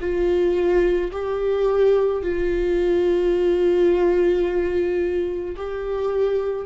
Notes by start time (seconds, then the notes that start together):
0.00 F4
1.12 G4
2.22 F4
5.56 G4